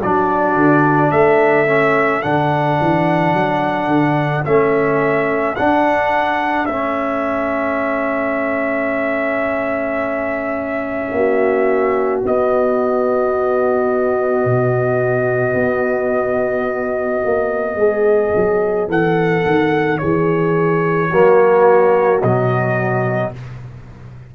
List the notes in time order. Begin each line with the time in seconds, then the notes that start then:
0.00 F#3 D4 F#4 D5
0.55 D3
1.11 A3 A4 E5
1.66 C#4
2.22 D3 D4 F#5
2.80 E3
3.33 F#3
3.87 D3
4.44 A3 C#4 E5
5.55 D4 F#5
6.65 A3 C#4 E5
11.11 A#3 F#4
12.23 B3 D#5
14.45 B2
15.53 B3
17.25 A#3
17.75 G#3 G#4
18.35 F#3
18.87 E3 A4 F#5
19.45 D#3
19.98 E3 G#4 C#5
21.09 F#3 A#3 F#4
22.22 B2 F#3 D#5